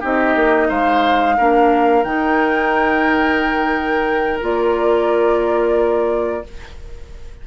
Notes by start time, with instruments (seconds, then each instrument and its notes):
0.00 bassoon C4, clarinet D#4, oboe G4, flute D#5
0.36 bassoon A#3
0.68 bassoon G#3, oboe C5, flute F5
1.37 bassoon A#3, clarinet D4, oboe A#4
2.04 bassoon D#3, clarinet D#4, flute G5
4.41 bassoon A#3, clarinet F4, flute D5